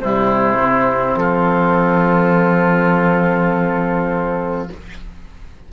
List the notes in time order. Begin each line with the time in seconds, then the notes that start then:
0.00 C3 G3 E4 C5
0.58 C4
1.15 F3 F4 A4